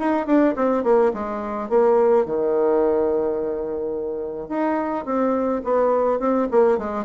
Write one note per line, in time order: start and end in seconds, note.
0.00 0.27 D#4
0.27 0.55 D4
0.56 0.84 C4
0.84 1.12 A#3
1.14 1.70 G#3
1.70 2.26 A#3
2.26 4.49 D#3
4.49 5.06 D#4
5.06 5.62 C4
5.64 6.20 B3
6.20 6.48 C4
6.52 6.78 A#3
6.78 7.05 G#3